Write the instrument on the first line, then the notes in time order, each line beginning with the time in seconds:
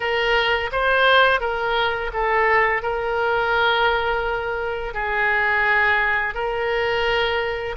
oboe
0.00 A#4
0.72 C5
1.40 A#4
2.13 A4
2.82 A#4
4.93 G#4
6.34 A#4